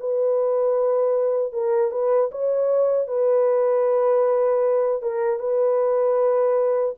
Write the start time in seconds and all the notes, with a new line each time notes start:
0.00 B4
1.53 A#4
1.92 B4
2.32 C#5
3.07 B4
5.02 A#4
5.39 B4